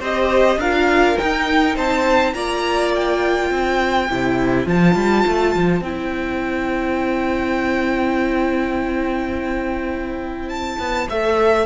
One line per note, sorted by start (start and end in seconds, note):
0.00 0.57 C4
0.00 0.60 G4
0.00 0.58 C5
0.00 0.61 D#5
0.57 1.15 D4
0.57 1.19 F4
0.57 1.76 A#4
0.57 1.18 F5
1.18 2.34 D#4
1.18 1.77 D#4
1.18 1.76 G5
1.76 2.34 C4
1.76 2.34 C5
1.76 2.34 A5
2.34 3.51 A#3
2.34 4.09 F4
2.34 3.50 D5
2.34 2.93 A#5
2.96 4.69 G5
3.50 4.09 C4
3.50 11.66 C5
4.10 4.66 C3
4.10 4.68 E4
4.66 4.96 F3
4.66 5.84 F4
4.66 5.84 A5
4.96 5.25 G3
5.27 5.56 A3
5.57 5.82 F3
5.82 10.77 C4
5.82 11.09 E4
5.82 10.49 G5
10.49 11.08 A5
10.79 11.08 B3
11.10 11.67 A3
11.10 11.67 A4
11.10 11.67 E5